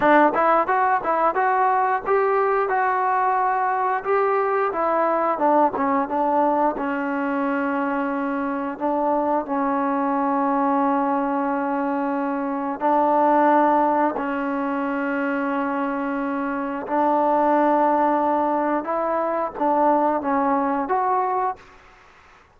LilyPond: \new Staff \with { instrumentName = "trombone" } { \time 4/4 \tempo 4 = 89 d'8 e'8 fis'8 e'8 fis'4 g'4 | fis'2 g'4 e'4 | d'8 cis'8 d'4 cis'2~ | cis'4 d'4 cis'2~ |
cis'2. d'4~ | d'4 cis'2.~ | cis'4 d'2. | e'4 d'4 cis'4 fis'4 | }